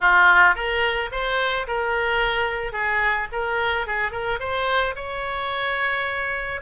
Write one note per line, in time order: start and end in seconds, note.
0.00 0.55 F4
0.55 1.10 A#4
1.11 1.66 C5
1.67 2.72 A#4
2.72 3.27 G#4
3.32 3.87 A#4
3.87 4.11 G#4
4.11 4.39 A#4
4.39 4.94 C5
4.95 6.60 C#5